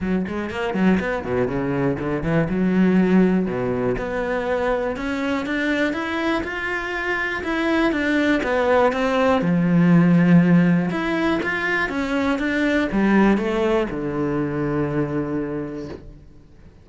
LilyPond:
\new Staff \with { instrumentName = "cello" } { \time 4/4 \tempo 4 = 121 fis8 gis8 ais8 fis8 b8 b,8 cis4 | d8 e8 fis2 b,4 | b2 cis'4 d'4 | e'4 f'2 e'4 |
d'4 b4 c'4 f4~ | f2 e'4 f'4 | cis'4 d'4 g4 a4 | d1 | }